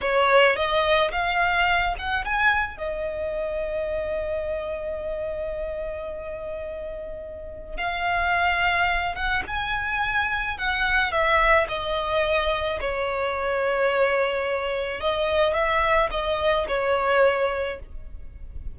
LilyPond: \new Staff \with { instrumentName = "violin" } { \time 4/4 \tempo 4 = 108 cis''4 dis''4 f''4. fis''8 | gis''4 dis''2.~ | dis''1~ | dis''2 f''2~ |
f''8 fis''8 gis''2 fis''4 | e''4 dis''2 cis''4~ | cis''2. dis''4 | e''4 dis''4 cis''2 | }